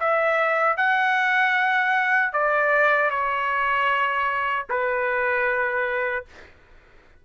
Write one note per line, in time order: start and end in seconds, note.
0.00 0.77 E5
0.77 2.33 F#5
2.33 3.10 D5
3.10 4.66 C#5
4.70 6.26 B4